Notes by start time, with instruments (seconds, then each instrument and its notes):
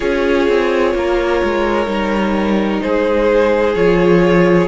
0.00 cello C#4, viola F4, violin G#4 C#5
0.48 cello C4
0.94 cello A#3, violin A#4
1.43 cello G#3
1.86 cello G3, viola D#4
2.81 cello G#3, violin G#4 C5
3.74 cello F3, viola F4, violin C#5